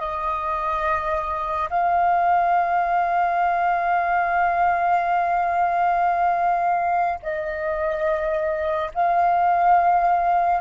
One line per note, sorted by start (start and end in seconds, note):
0.00 1.69 D#5
1.70 7.19 F5
7.23 8.92 D#5
8.95 10.61 F5